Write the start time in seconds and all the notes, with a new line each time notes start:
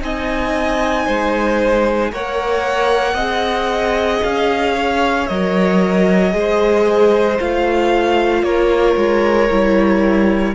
0.00 C4 D#4 D#5 G#5
1.06 G#3 C5
2.12 A#3 A#4 C#5 F#5
3.14 C4 G#4 D#5
4.24 C#4 F5
4.75 C#5
5.27 F#3 A#4 D#5
6.31 G#3 G#4
6.38 C5
7.39 A3 F4 F5
8.43 A#3 A#4 C#5
8.97 G#3
9.50 G3 E4